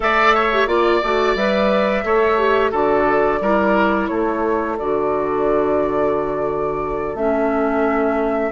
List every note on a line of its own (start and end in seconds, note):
0.00 0.66 A3
0.00 0.50 A4
0.00 0.34 D5
0.00 0.67 E5
0.34 0.68 C#5
0.52 0.67 G4
0.66 1.00 A#3
0.66 1.01 F4
0.66 1.35 D5
0.66 2.04 D5
1.03 1.35 A3
1.03 1.36 F#4
1.35 2.03 G3
1.35 2.04 B4
1.35 2.72 E5
2.04 2.72 A3
2.04 2.38 A4
2.04 2.71 C#5
2.38 2.71 G4
2.71 3.40 D3
2.71 3.39 F#4
2.71 3.39 A4
2.71 4.07 D5
3.40 4.08 G3
3.40 4.79 E4
3.40 4.10 A#4
4.07 4.78 A3
4.07 8.51 A4
4.07 4.76 C#5
4.78 7.14 D3
4.78 7.17 F#4
4.78 7.15 D5
7.14 8.50 A3
7.14 8.51 C#4
7.14 8.51 E5